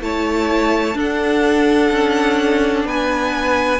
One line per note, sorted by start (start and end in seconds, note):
0.00 0.94 A3
0.00 0.94 E4
0.00 0.97 C#5
0.00 0.98 A5
0.94 3.79 D4
0.94 1.90 D4
0.94 2.86 A4
0.94 2.87 F#5
1.91 2.85 C#4
2.85 3.79 B3
2.85 3.79 B4
2.85 3.79 G#5